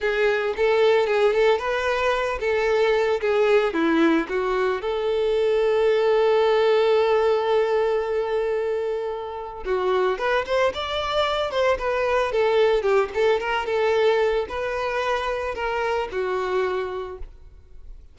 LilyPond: \new Staff \with { instrumentName = "violin" } { \time 4/4 \tempo 4 = 112 gis'4 a'4 gis'8 a'8 b'4~ | b'8 a'4. gis'4 e'4 | fis'4 a'2.~ | a'1~ |
a'2 fis'4 b'8 c''8 | d''4. c''8 b'4 a'4 | g'8 a'8 ais'8 a'4. b'4~ | b'4 ais'4 fis'2 | }